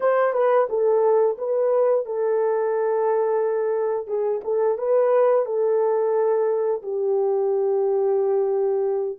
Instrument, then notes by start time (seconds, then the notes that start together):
horn
0.00 C5
0.33 B4
0.69 A4
1.38 B4
2.05 A4
4.07 G#4
4.43 A4
4.77 B4
5.45 A4
6.82 G4